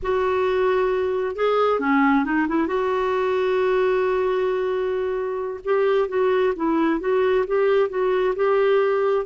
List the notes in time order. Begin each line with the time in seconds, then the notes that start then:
0.02 F#4
1.35 G#4
1.79 C#4
2.24 D#4
2.48 E4
2.67 F#4
5.64 G4
6.08 F#4
6.56 E4
6.99 F#4
7.46 G4
7.89 F#4
8.35 G4